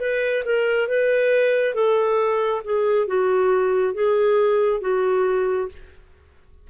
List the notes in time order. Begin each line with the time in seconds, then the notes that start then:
0.00 B4
0.45 A#4
0.88 B4
1.74 A4
2.65 G#4
3.07 F#4
3.94 G#4
4.81 F#4